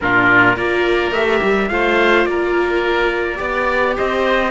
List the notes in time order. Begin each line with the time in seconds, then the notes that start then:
0.00 A#2 D4 F4 A#4
0.56 A#3 F4 A#4 D5
1.11 A3 G4 E5
1.42 G3
1.68 A3 F4 C5 F5
2.25 A#3 A#4 D5
3.35 B3 G4 D5
3.96 C4 C5 D#5